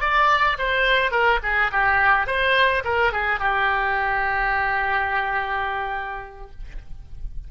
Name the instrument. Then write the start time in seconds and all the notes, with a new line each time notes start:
oboe
0.00 D5
0.58 C5
1.11 A#4
1.43 G#4
1.71 G4
2.26 C5
2.84 A#4
3.12 G#4
3.39 G4